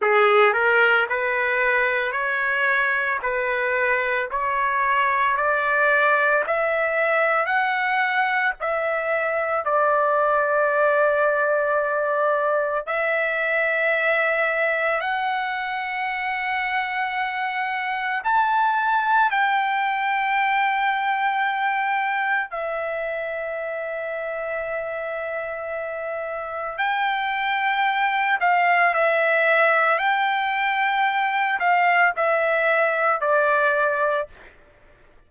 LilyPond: \new Staff \with { instrumentName = "trumpet" } { \time 4/4 \tempo 4 = 56 gis'8 ais'8 b'4 cis''4 b'4 | cis''4 d''4 e''4 fis''4 | e''4 d''2. | e''2 fis''2~ |
fis''4 a''4 g''2~ | g''4 e''2.~ | e''4 g''4. f''8 e''4 | g''4. f''8 e''4 d''4 | }